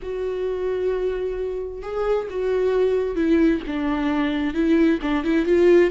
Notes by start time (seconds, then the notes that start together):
0.02 F#4
1.82 G#4
2.30 F#4
3.15 E4
3.67 D4
4.54 E4
5.01 D4
5.24 E4
5.45 F4